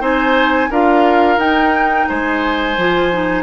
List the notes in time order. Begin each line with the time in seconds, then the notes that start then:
0.00 C4 D#4 C5 G#5
0.70 D4 F4 A#4 F5
1.37 D#4 G5
2.08 G#3 C5 G#5
2.77 F3 F4
3.11 D#4